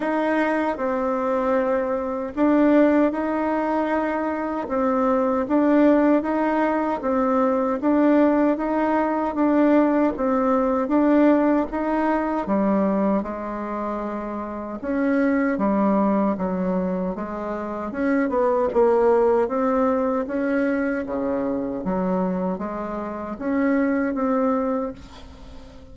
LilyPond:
\new Staff \with { instrumentName = "bassoon" } { \time 4/4 \tempo 4 = 77 dis'4 c'2 d'4 | dis'2 c'4 d'4 | dis'4 c'4 d'4 dis'4 | d'4 c'4 d'4 dis'4 |
g4 gis2 cis'4 | g4 fis4 gis4 cis'8 b8 | ais4 c'4 cis'4 cis4 | fis4 gis4 cis'4 c'4 | }